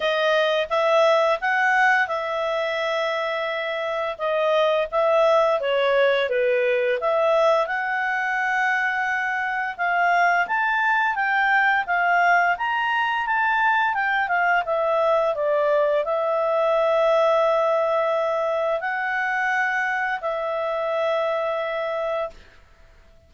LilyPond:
\new Staff \with { instrumentName = "clarinet" } { \time 4/4 \tempo 4 = 86 dis''4 e''4 fis''4 e''4~ | e''2 dis''4 e''4 | cis''4 b'4 e''4 fis''4~ | fis''2 f''4 a''4 |
g''4 f''4 ais''4 a''4 | g''8 f''8 e''4 d''4 e''4~ | e''2. fis''4~ | fis''4 e''2. | }